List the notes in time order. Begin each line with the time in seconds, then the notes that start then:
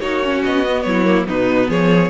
0.00 A#3 D#4 F#4 C#5
0.23 C#4
0.44 B3 D#5
0.65 B3
0.82 F#3 C#5
0.89 E4
1.05 A#3
1.26 B2 B3 D#4 B4
1.69 F3 G#4 C#5